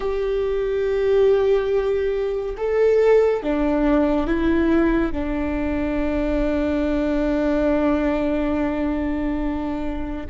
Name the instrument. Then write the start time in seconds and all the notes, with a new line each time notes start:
viola
0.00 G4
2.57 A4
3.42 D4
4.26 E4
5.12 D4